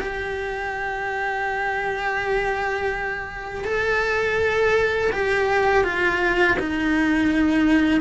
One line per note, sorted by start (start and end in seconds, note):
0.00 3.65 G4
3.65 5.11 A4
5.12 5.84 G4
5.84 6.57 F4
6.59 8.01 D#4